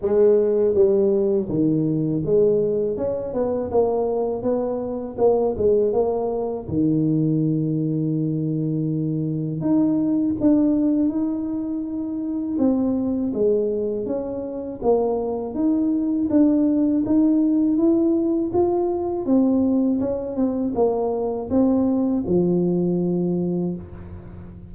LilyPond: \new Staff \with { instrumentName = "tuba" } { \time 4/4 \tempo 4 = 81 gis4 g4 dis4 gis4 | cis'8 b8 ais4 b4 ais8 gis8 | ais4 dis2.~ | dis4 dis'4 d'4 dis'4~ |
dis'4 c'4 gis4 cis'4 | ais4 dis'4 d'4 dis'4 | e'4 f'4 c'4 cis'8 c'8 | ais4 c'4 f2 | }